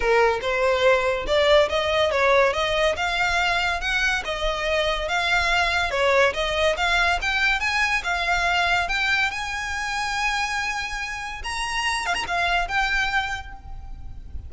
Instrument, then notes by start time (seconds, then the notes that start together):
violin
0.00 A#4
0.41 C5
1.26 D5
1.69 D#5
2.11 C#5
2.53 D#5
2.96 F5
3.80 F#5
4.24 D#5
5.08 F5
5.91 C#5
6.33 D#5
6.76 F5
7.21 G5
7.60 G#5
8.03 F5
8.88 G5
9.31 G#5
11.43 A#5
12.05 F5
12.14 A#5
12.27 F5
12.68 G5